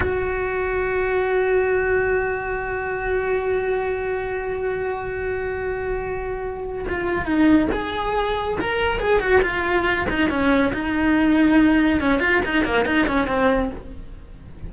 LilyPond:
\new Staff \with { instrumentName = "cello" } { \time 4/4 \tempo 4 = 140 fis'1~ | fis'1~ | fis'1~ | fis'1 |
f'4 dis'4 gis'2 | ais'4 gis'8 fis'8 f'4. dis'8 | cis'4 dis'2. | cis'8 f'8 dis'8 ais8 dis'8 cis'8 c'4 | }